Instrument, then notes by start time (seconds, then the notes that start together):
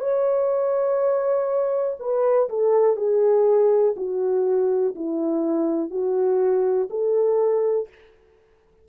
horn
0.00 C#5
1.99 B4
2.49 A4
2.96 G#4
3.96 F#4
4.95 E4
5.90 F#4
6.90 A4